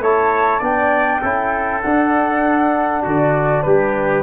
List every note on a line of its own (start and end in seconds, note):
0.00 0.60 A3
0.00 0.60 E4
0.00 0.59 C#5
0.00 0.63 A5
0.59 1.21 B3
0.59 1.21 D4
0.59 1.19 D5
0.59 1.81 G5
1.21 1.83 C#4
1.21 1.83 E4
1.21 3.02 A4
1.81 3.05 D4
1.81 4.22 D4
1.81 3.02 F#5
3.02 3.66 D3
3.02 3.63 F#4
3.02 3.62 D5
3.62 4.22 G3
3.62 4.22 G4
3.62 4.22 B4